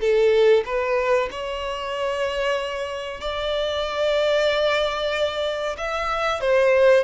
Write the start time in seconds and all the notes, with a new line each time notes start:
0.00 A4
0.65 B4
1.31 C#5
3.21 D5
5.77 E5
6.40 C5